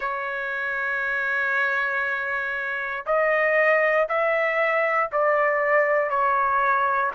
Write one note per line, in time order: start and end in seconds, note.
0.00 3.05 C#5
3.06 4.07 D#5
4.08 5.10 E5
5.11 6.10 D5
6.10 7.11 C#5